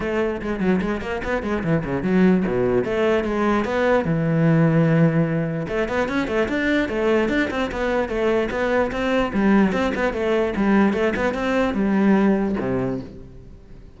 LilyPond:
\new Staff \with { instrumentName = "cello" } { \time 4/4 \tempo 4 = 148 a4 gis8 fis8 gis8 ais8 b8 gis8 | e8 cis8 fis4 b,4 a4 | gis4 b4 e2~ | e2 a8 b8 cis'8 a8 |
d'4 a4 d'8 c'8 b4 | a4 b4 c'4 g4 | c'8 b8 a4 g4 a8 b8 | c'4 g2 c4 | }